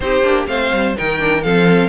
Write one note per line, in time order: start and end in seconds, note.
0.00 0.23 C4
0.00 0.23 D#4
0.00 0.49 G4
0.00 0.44 C5
0.23 0.47 A#3
0.23 0.46 D4
0.46 0.71 A3
0.46 0.94 C4
0.46 0.96 C5
0.46 0.95 F5
0.72 0.96 G3
0.96 1.44 D#3
0.96 1.18 D#4
0.96 1.44 A#4
0.96 1.42 G5
1.18 1.42 D4
1.42 1.88 F3
1.42 1.88 C4
1.42 1.88 A4
1.42 1.88 F5